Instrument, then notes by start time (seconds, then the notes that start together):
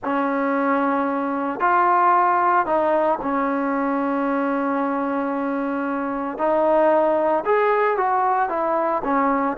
trombone
0.03 C#4
1.59 F4
2.65 D#4
3.22 C#4
6.37 D#4
7.45 G#4
7.97 F#4
8.49 E4
9.04 C#4